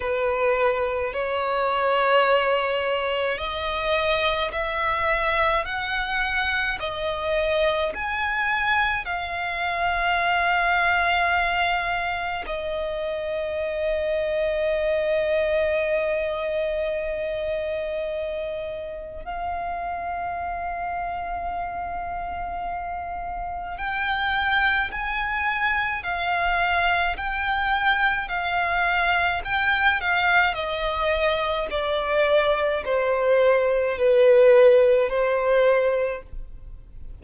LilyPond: \new Staff \with { instrumentName = "violin" } { \time 4/4 \tempo 4 = 53 b'4 cis''2 dis''4 | e''4 fis''4 dis''4 gis''4 | f''2. dis''4~ | dis''1~ |
dis''4 f''2.~ | f''4 g''4 gis''4 f''4 | g''4 f''4 g''8 f''8 dis''4 | d''4 c''4 b'4 c''4 | }